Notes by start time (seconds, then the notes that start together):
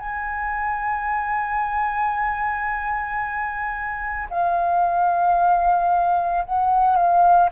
0.00 G#5
4.31 F5
6.45 F#5
6.96 F5